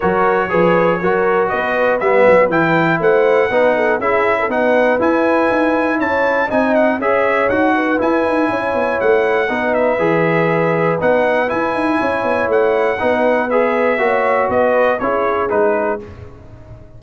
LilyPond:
<<
  \new Staff \with { instrumentName = "trumpet" } { \time 4/4 \tempo 4 = 120 cis''2. dis''4 | e''4 g''4 fis''2 | e''4 fis''4 gis''2 | a''4 gis''8 fis''8 e''4 fis''4 |
gis''2 fis''4. e''8~ | e''2 fis''4 gis''4~ | gis''4 fis''2 e''4~ | e''4 dis''4 cis''4 b'4 | }
  \new Staff \with { instrumentName = "horn" } { \time 4/4 ais'4 b'4 ais'4 b'4~ | b'2 c''4 b'8 a'8 | gis'8. a'16 b'2. | cis''4 dis''4 cis''4. b'8~ |
b'4 cis''2 b'4~ | b'1 | cis''2 b'2 | cis''4 b'4 gis'2 | }
  \new Staff \with { instrumentName = "trombone" } { \time 4/4 fis'4 gis'4 fis'2 | b4 e'2 dis'4 | e'4 dis'4 e'2~ | e'4 dis'4 gis'4 fis'4 |
e'2. dis'4 | gis'2 dis'4 e'4~ | e'2 dis'4 gis'4 | fis'2 e'4 dis'4 | }
  \new Staff \with { instrumentName = "tuba" } { \time 4/4 fis4 f4 fis4 b4 | g8 fis8 e4 a4 b4 | cis'4 b4 e'4 dis'4 | cis'4 c'4 cis'4 dis'4 |
e'8 dis'8 cis'8 b8 a4 b4 | e2 b4 e'8 dis'8 | cis'8 b8 a4 b2 | ais4 b4 cis'4 gis4 | }
>>